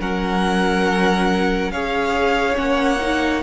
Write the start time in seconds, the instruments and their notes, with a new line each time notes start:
0.00 cello F#3, viola C#4, violin A#4 F#5
1.70 cello C#4, viola G#4, violin C#5 F5
2.54 cello A#3, viola C#4, violin F#5
3.01 viola D#4